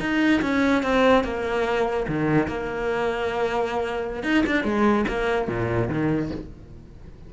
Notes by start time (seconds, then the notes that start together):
0.00 D#4
0.42 C#4
0.83 C4
1.24 A#3
2.08 D#3
2.48 A#3
4.23 D#4
4.46 D4
4.64 G#3
5.08 A#3
5.48 A#2
5.89 D#3